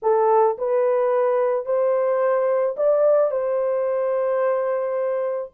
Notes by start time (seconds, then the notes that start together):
0.02 A4
0.58 B4
1.65 C5
2.76 D5
3.31 C5